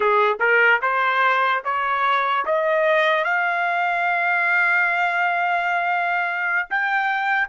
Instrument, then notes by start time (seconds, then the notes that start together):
trumpet
0.00 G#4
0.39 A#4
0.81 C5
1.64 C#5
2.45 D#5
3.24 F5
6.70 G5